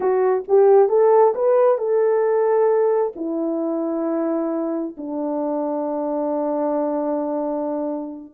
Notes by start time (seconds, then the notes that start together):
0.00 F#4
0.48 G4
0.88 A4
1.35 B4
1.78 A4
3.15 E4
4.97 D4